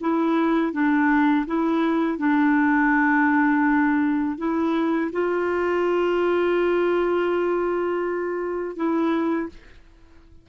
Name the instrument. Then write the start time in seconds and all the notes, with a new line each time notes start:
clarinet
0.00 E4
0.72 D4
1.46 E4
2.18 D4
4.38 E4
5.12 F4
8.76 E4